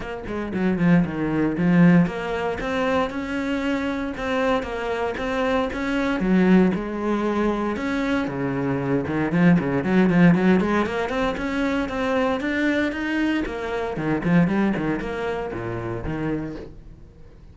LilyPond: \new Staff \with { instrumentName = "cello" } { \time 4/4 \tempo 4 = 116 ais8 gis8 fis8 f8 dis4 f4 | ais4 c'4 cis'2 | c'4 ais4 c'4 cis'4 | fis4 gis2 cis'4 |
cis4. dis8 f8 cis8 fis8 f8 | fis8 gis8 ais8 c'8 cis'4 c'4 | d'4 dis'4 ais4 dis8 f8 | g8 dis8 ais4 ais,4 dis4 | }